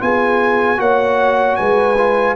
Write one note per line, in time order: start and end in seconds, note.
0.00 0.79 B3
0.00 0.77 F4
0.00 0.80 G#4
0.00 0.80 G#5
0.77 1.58 A#3
0.77 1.95 F#4
0.77 1.58 C#5
0.77 1.56 F#5
1.56 2.36 G#3
1.56 2.36 B4
1.56 2.35 G#5
1.98 2.36 F4